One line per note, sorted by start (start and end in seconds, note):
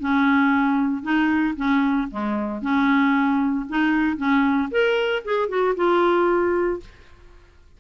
0.00 1.03 C#4
1.03 1.55 D#4
1.56 2.08 C#4
2.11 2.62 G#3
2.62 3.66 C#4
3.69 4.17 D#4
4.17 4.69 C#4
4.71 5.23 A#4
5.25 5.49 G#4
5.49 5.75 F#4
5.76 6.80 F4